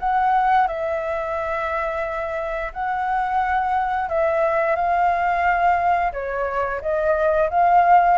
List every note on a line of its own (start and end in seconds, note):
0.00 0.68 F#5
0.68 2.72 E5
2.73 4.09 F#5
4.09 4.76 E5
4.76 6.13 F5
6.13 6.81 C#5
6.82 7.50 D#5
7.50 8.18 F5